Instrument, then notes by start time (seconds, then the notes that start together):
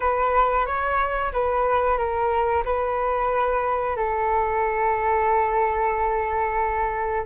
flute
0.00 B4
0.66 C#5
1.32 B4
1.98 A#4
2.64 B4
3.96 A4